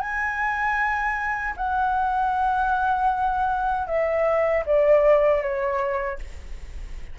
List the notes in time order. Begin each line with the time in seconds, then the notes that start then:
0.00 G#5
1.57 F#5
3.87 E5
4.66 D5
5.42 C#5